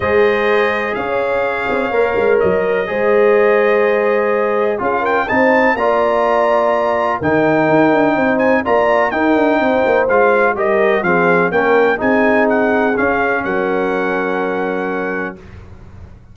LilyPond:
<<
  \new Staff \with { instrumentName = "trumpet" } { \time 4/4 \tempo 4 = 125 dis''2 f''2~ | f''4 dis''2.~ | dis''2 f''8 g''8 a''4 | ais''2. g''4~ |
g''4. gis''8 ais''4 g''4~ | g''4 f''4 dis''4 f''4 | g''4 gis''4 fis''4 f''4 | fis''1 | }
  \new Staff \with { instrumentName = "horn" } { \time 4/4 c''2 cis''2~ | cis''2 c''2~ | c''2 gis'8 ais'8 c''4 | d''2. ais'4~ |
ais'4 c''4 d''4 ais'4 | c''2 ais'4 gis'4 | ais'4 gis'2. | ais'1 | }
  \new Staff \with { instrumentName = "trombone" } { \time 4/4 gis'1 | ais'2 gis'2~ | gis'2 f'4 dis'4 | f'2. dis'4~ |
dis'2 f'4 dis'4~ | dis'4 f'4 g'4 c'4 | cis'4 dis'2 cis'4~ | cis'1 | }
  \new Staff \with { instrumentName = "tuba" } { \time 4/4 gis2 cis'4. c'8 | ais8 gis8 fis4 gis2~ | gis2 cis'4 c'4 | ais2. dis4 |
dis'8 d'8 c'4 ais4 dis'8 d'8 | c'8 ais8 gis4 g4 f4 | ais4 c'2 cis'4 | fis1 | }
>>